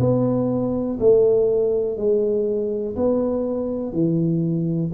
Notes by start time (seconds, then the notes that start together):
0.00 B3
0.99 A3
1.97 G#3
2.96 B3
3.92 E3